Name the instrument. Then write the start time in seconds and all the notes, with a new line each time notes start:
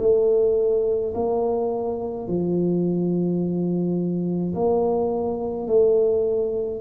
tuba
0.00 A3
1.14 A#3
2.27 F3
4.54 A#3
5.67 A3